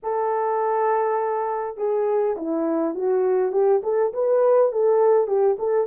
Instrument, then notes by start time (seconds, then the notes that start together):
horn
0.02 A4
1.77 G#4
2.36 E4
2.94 F#4
3.52 G4
3.83 A4
4.13 B4
4.71 A4
5.27 G4
5.59 A4